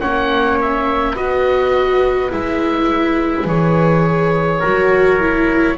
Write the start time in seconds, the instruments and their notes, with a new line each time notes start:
0.00 double bass A#3, viola C#4, trumpet C#5, oboe F#5
0.61 oboe E5
1.14 double bass B3, viola F#4, trumpet B4, oboe D#5
2.31 double bass G#3, viola E4, oboe E5
3.45 double bass E3, viola G#4, oboe C#5
4.59 double bass F#3, viola F#4, trumpet A#4
5.20 viola E4